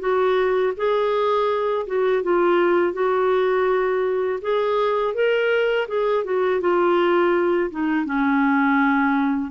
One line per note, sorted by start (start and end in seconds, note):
0.00 0.73 F#4
0.76 1.86 G#4
1.87 2.23 F#4
2.23 2.93 F4
2.93 4.39 F#4
4.41 5.15 G#4
5.15 5.88 A#4
5.88 6.24 G#4
6.24 6.61 F#4
6.61 7.70 F4
7.71 8.06 D#4
8.06 9.51 C#4